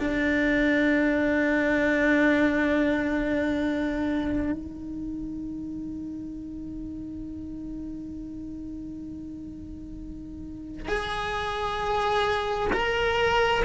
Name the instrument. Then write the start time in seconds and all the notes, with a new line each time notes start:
cello
0.00 D4
4.52 D#4
10.88 G#4
12.74 A#4